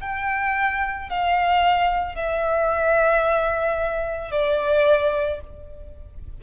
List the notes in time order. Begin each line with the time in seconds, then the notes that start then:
0.00 G5
1.09 F5
2.15 E5
4.31 D5